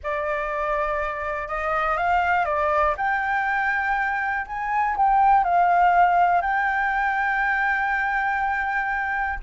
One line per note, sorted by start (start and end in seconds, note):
0.03 1.48 D5
1.48 1.97 D#5
1.97 2.45 F5
2.45 2.94 D5
2.97 4.46 G5
4.46 4.96 G#5
4.97 5.43 G5
5.43 6.41 F5
6.41 9.39 G5